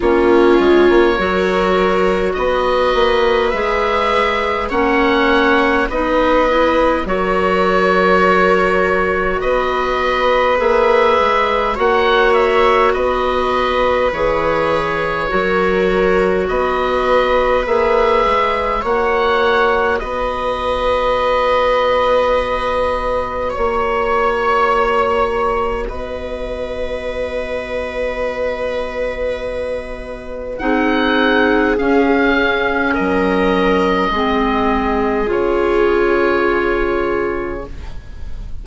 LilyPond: <<
  \new Staff \with { instrumentName = "oboe" } { \time 4/4 \tempo 4 = 51 cis''2 dis''4 e''4 | fis''4 dis''4 cis''2 | dis''4 e''4 fis''8 e''8 dis''4 | cis''2 dis''4 e''4 |
fis''4 dis''2. | cis''2 dis''2~ | dis''2 fis''4 f''4 | dis''2 cis''2 | }
  \new Staff \with { instrumentName = "viola" } { \time 4/4 f'4 ais'4 b'2 | cis''4 b'4 ais'2 | b'2 cis''4 b'4~ | b'4 ais'4 b'2 |
cis''4 b'2. | cis''2 b'2~ | b'2 gis'2 | ais'4 gis'2. | }
  \new Staff \with { instrumentName = "clarinet" } { \time 4/4 cis'4 fis'2 gis'4 | cis'4 dis'8 e'8 fis'2~ | fis'4 gis'4 fis'2 | gis'4 fis'2 gis'4 |
fis'1~ | fis'1~ | fis'2 dis'4 cis'4~ | cis'4 c'4 f'2 | }
  \new Staff \with { instrumentName = "bassoon" } { \time 4/4 ais8 gis16 ais16 fis4 b8 ais8 gis4 | ais4 b4 fis2 | b4 ais8 gis8 ais4 b4 | e4 fis4 b4 ais8 gis8 |
ais4 b2. | ais2 b2~ | b2 c'4 cis'4 | fis4 gis4 cis2 | }
>>